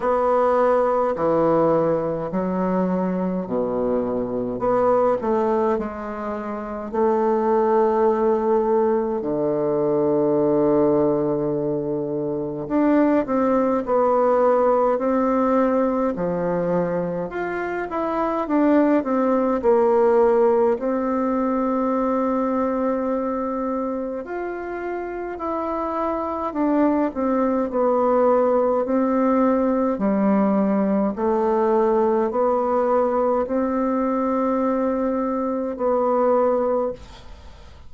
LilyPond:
\new Staff \with { instrumentName = "bassoon" } { \time 4/4 \tempo 4 = 52 b4 e4 fis4 b,4 | b8 a8 gis4 a2 | d2. d'8 c'8 | b4 c'4 f4 f'8 e'8 |
d'8 c'8 ais4 c'2~ | c'4 f'4 e'4 d'8 c'8 | b4 c'4 g4 a4 | b4 c'2 b4 | }